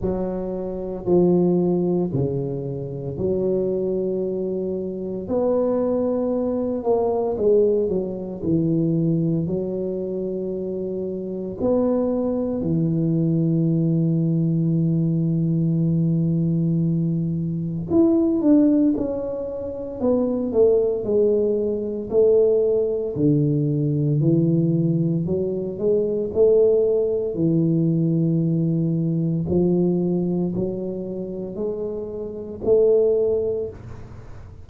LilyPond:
\new Staff \with { instrumentName = "tuba" } { \time 4/4 \tempo 4 = 57 fis4 f4 cis4 fis4~ | fis4 b4. ais8 gis8 fis8 | e4 fis2 b4 | e1~ |
e4 e'8 d'8 cis'4 b8 a8 | gis4 a4 d4 e4 | fis8 gis8 a4 e2 | f4 fis4 gis4 a4 | }